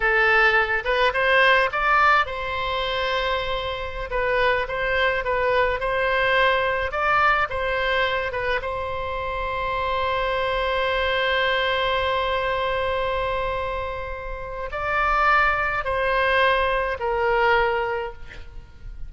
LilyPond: \new Staff \with { instrumentName = "oboe" } { \time 4/4 \tempo 4 = 106 a'4. b'8 c''4 d''4 | c''2.~ c''16 b'8.~ | b'16 c''4 b'4 c''4.~ c''16~ | c''16 d''4 c''4. b'8 c''8.~ |
c''1~ | c''1~ | c''2 d''2 | c''2 ais'2 | }